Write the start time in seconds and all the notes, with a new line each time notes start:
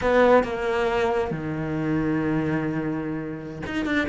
0.01 B3
0.43 A#3
1.30 D#3
3.66 D#4
3.85 D4